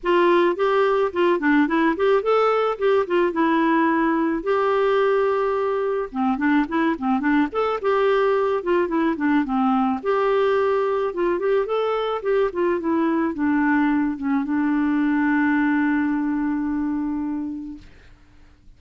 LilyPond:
\new Staff \with { instrumentName = "clarinet" } { \time 4/4 \tempo 4 = 108 f'4 g'4 f'8 d'8 e'8 g'8 | a'4 g'8 f'8 e'2 | g'2. c'8 d'8 | e'8 c'8 d'8 a'8 g'4. f'8 |
e'8 d'8 c'4 g'2 | f'8 g'8 a'4 g'8 f'8 e'4 | d'4. cis'8 d'2~ | d'1 | }